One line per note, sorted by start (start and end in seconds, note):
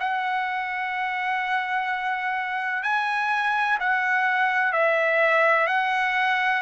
0.00 2.83 F#5
2.83 3.78 G#5
3.81 4.73 F#5
4.73 5.68 E5
5.68 6.62 F#5